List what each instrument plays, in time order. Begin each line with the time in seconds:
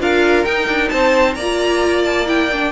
0.00 cello D4, viola F4, violin A#4 F5
0.45 cello D#4, viola D#4, violin G5
0.68 cello D4
0.89 cello C4, violin C5 A5
1.35 cello A#3, violin D5 A#5
1.42 viola F4
2.05 violin A5
2.27 viola E4, violin G5
2.52 viola D4